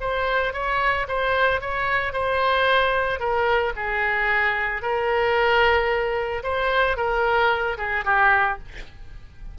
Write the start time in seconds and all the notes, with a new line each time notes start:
0.00 C5
0.53 C#5
1.08 C5
1.61 C#5
2.12 C5
3.19 A#4
3.76 G#4
4.82 A#4
6.43 C5
6.96 A#4
7.77 G#4
8.04 G4